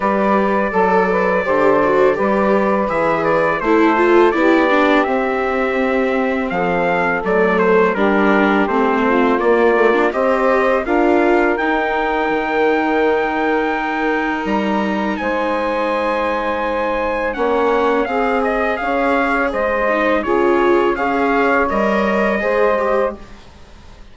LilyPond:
<<
  \new Staff \with { instrumentName = "trumpet" } { \time 4/4 \tempo 4 = 83 d''1 | e''8 d''8 c''4 d''4 e''4~ | e''4 f''4 d''8 c''8 ais'4 | c''4 d''4 dis''4 f''4 |
g''1 | ais''4 gis''2. | fis''4 f''8 dis''8 f''4 dis''4 | cis''4 f''4 dis''2 | }
  \new Staff \with { instrumentName = "saxophone" } { \time 4/4 b'4 a'8 b'8 c''4 b'4~ | b'4 a'4 g'2~ | g'4 a'2 g'4~ | g'8 f'4. c''4 ais'4~ |
ais'1~ | ais'4 c''2. | cis''4 gis'4 cis''4 c''4 | gis'4 cis''2 c''4 | }
  \new Staff \with { instrumentName = "viola" } { \time 4/4 g'4 a'4 g'8 fis'8 g'4 | gis'4 e'8 f'8 e'8 d'8 c'4~ | c'2 a4 d'4 | c'4 ais8 a16 d'16 g'4 f'4 |
dis'1~ | dis'1 | cis'4 gis'2~ gis'8 dis'8 | f'4 gis'4 ais'4 gis'8 g'8 | }
  \new Staff \with { instrumentName = "bassoon" } { \time 4/4 g4 fis4 d4 g4 | e4 a4 b4 c'4~ | c'4 f4 fis4 g4 | a4 ais4 c'4 d'4 |
dis'4 dis2. | g4 gis2. | ais4 c'4 cis'4 gis4 | cis4 cis'4 g4 gis4 | }
>>